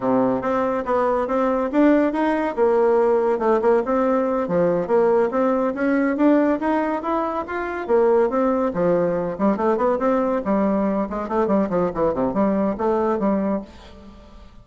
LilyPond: \new Staff \with { instrumentName = "bassoon" } { \time 4/4 \tempo 4 = 141 c4 c'4 b4 c'4 | d'4 dis'4 ais2 | a8 ais8 c'4. f4 ais8~ | ais8 c'4 cis'4 d'4 dis'8~ |
dis'8 e'4 f'4 ais4 c'8~ | c'8 f4. g8 a8 b8 c'8~ | c'8 g4. gis8 a8 g8 f8 | e8 c8 g4 a4 g4 | }